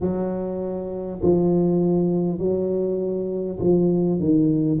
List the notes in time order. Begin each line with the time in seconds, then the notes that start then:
0.01 F#3
1.22 F3
2.38 F#3
3.59 F3
4.19 D#3